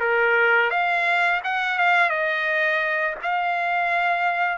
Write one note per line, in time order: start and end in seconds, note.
0.00 0.70 A#4
0.70 1.41 F5
1.44 1.79 F#5
1.79 2.10 F5
2.10 3.15 D#5
3.22 4.58 F5